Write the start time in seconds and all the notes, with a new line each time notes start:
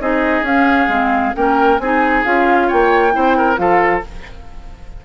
0.00 C4 D#4 G#4 D#5
0.42 C#4 F5
0.88 G#3 C4
1.34 A#3 C#4 A#4 G5
1.78 C4 D#4 G#4 G#5
2.24 C#4 F4 F5
2.68 A#3 C#5 G5
3.11 C4 E4 C5
3.37 A#4
3.56 F3 F4 A4 F5